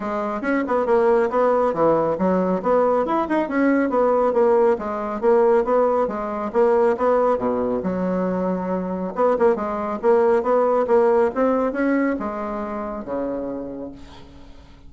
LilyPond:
\new Staff \with { instrumentName = "bassoon" } { \time 4/4 \tempo 4 = 138 gis4 cis'8 b8 ais4 b4 | e4 fis4 b4 e'8 dis'8 | cis'4 b4 ais4 gis4 | ais4 b4 gis4 ais4 |
b4 b,4 fis2~ | fis4 b8 ais8 gis4 ais4 | b4 ais4 c'4 cis'4 | gis2 cis2 | }